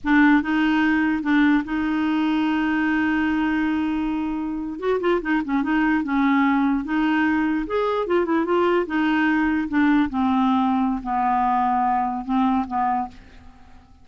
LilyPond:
\new Staff \with { instrumentName = "clarinet" } { \time 4/4 \tempo 4 = 147 d'4 dis'2 d'4 | dis'1~ | dis'2.~ dis'8. fis'16~ | fis'16 f'8 dis'8 cis'8 dis'4 cis'4~ cis'16~ |
cis'8. dis'2 gis'4 f'16~ | f'16 e'8 f'4 dis'2 d'16~ | d'8. c'2~ c'16 b4~ | b2 c'4 b4 | }